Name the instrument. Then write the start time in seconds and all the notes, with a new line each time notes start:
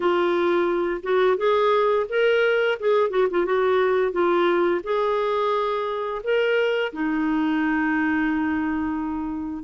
clarinet
0.00 F4
1.03 F#4
1.37 G#4
2.09 A#4
2.79 G#4
3.10 F#4
3.30 F4
3.45 F#4
4.12 F4
4.83 G#4
6.23 A#4
6.92 D#4